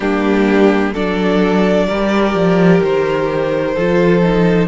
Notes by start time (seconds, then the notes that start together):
0.00 G3 A#3 D4 G4
0.92 F#3 D4 A4 D5
1.87 G3 G4 A#4
2.34 F3
2.82 D#3 C5
3.74 F3 F4 A4
4.22 D#4